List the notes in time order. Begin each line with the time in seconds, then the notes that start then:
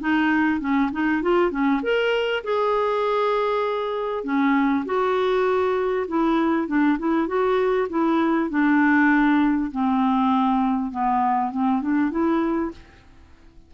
0.00 D#4
0.60 C#4
0.92 D#4
1.22 F4
1.51 C#4
1.83 A#4
2.44 G#4
4.24 C#4
4.85 F#4
6.08 E4
6.67 D4
6.98 E4
7.27 F#4
7.90 E4
8.50 D4
9.71 C4
10.91 B3
11.52 C4
11.82 D4
12.11 E4